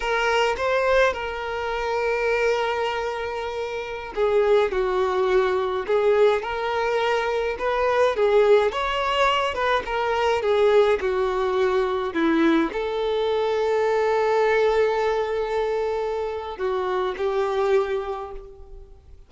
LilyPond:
\new Staff \with { instrumentName = "violin" } { \time 4/4 \tempo 4 = 105 ais'4 c''4 ais'2~ | ais'2.~ ais'16 gis'8.~ | gis'16 fis'2 gis'4 ais'8.~ | ais'4~ ais'16 b'4 gis'4 cis''8.~ |
cis''8. b'8 ais'4 gis'4 fis'8.~ | fis'4~ fis'16 e'4 a'4.~ a'16~ | a'1~ | a'4 fis'4 g'2 | }